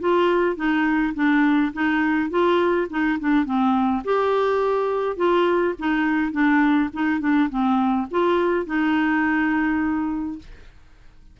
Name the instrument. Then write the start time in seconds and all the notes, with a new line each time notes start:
clarinet
0.00 F4
0.56 D#4
1.14 D4
1.73 D#4
2.30 F4
2.90 D#4
3.19 D4
3.45 C4
4.04 G4
5.16 F4
5.79 D#4
6.32 D4
6.93 D#4
7.20 D4
7.49 C4
8.11 F4
8.66 D#4